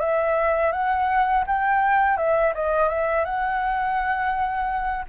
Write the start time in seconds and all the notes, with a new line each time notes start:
0.00 E5
0.72 F#5
1.47 G5
2.17 E5
2.54 D#5
2.89 E5
3.25 F#5